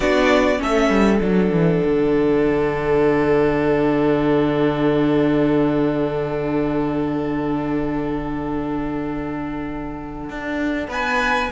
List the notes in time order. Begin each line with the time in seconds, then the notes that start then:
0.00 B3 D4 F#4 D5
0.57 A3 C#4 A4 E5
0.89 G3
1.19 F#3 D4 F#5
1.51 E3
1.84 D3
10.29 D4
10.88 B3 B4 G#5